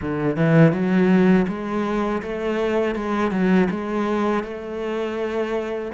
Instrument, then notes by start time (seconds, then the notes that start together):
cello
0.01 D3
0.36 E3
0.72 F#3
1.48 G#3
2.22 A3
2.95 G#3
3.31 F#3
3.70 G#3
4.43 A3